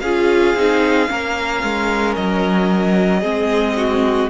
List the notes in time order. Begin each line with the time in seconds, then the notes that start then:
0.00 C#4 F4 G#4 F5
0.54 C4 D#4
1.07 A#3 C#4 A#4
1.63 G#3
2.15 F#3 D#5
3.20 G#3 C4 G#4
3.77 F#4